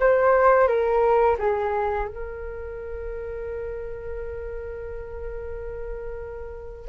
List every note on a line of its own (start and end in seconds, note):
0.00 0.68 C5
0.68 1.37 A#4
1.39 2.08 G#4
2.08 6.88 A#4